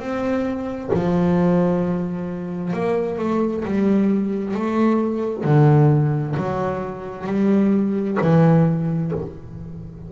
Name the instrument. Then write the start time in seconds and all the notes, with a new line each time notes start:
double bass
0.00 C4
0.94 F3
2.74 A#3
3.19 A3
3.65 G3
4.55 A3
5.45 D3
6.37 F#3
7.27 G3
8.21 E3